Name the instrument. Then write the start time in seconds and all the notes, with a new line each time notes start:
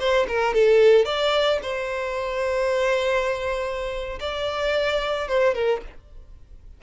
violin
0.00 C5
0.28 A#4
0.55 A4
1.05 D5
1.63 C5
4.21 D5
5.28 C5
5.55 A#4